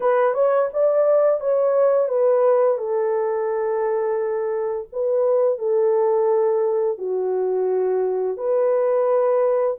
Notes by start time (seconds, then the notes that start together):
0.00 B4
0.33 C#5
0.73 D5
1.40 C#5
2.08 B4
2.78 A4
4.92 B4
5.58 A4
6.98 F#4
8.37 B4